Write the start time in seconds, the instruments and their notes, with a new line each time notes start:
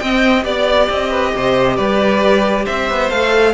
0.00 viola C4, cello C4, violin D#5 G5
0.44 cello B3, viola G4, violin D5
0.90 cello C4, violin D#5
1.11 violin B4
1.37 cello C3, violin C5
1.77 cello G3, violin B4 D5
2.65 cello C4, violin C5 E5
2.91 cello B3
3.11 cello A3, viola A4, violin F5